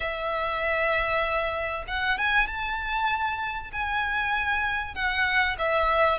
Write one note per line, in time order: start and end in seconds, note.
0.00 1.84 E5
1.87 2.18 F#5
2.18 2.47 G#5
2.47 3.71 A5
3.72 4.94 G#5
4.94 5.56 F#5
5.58 6.18 E5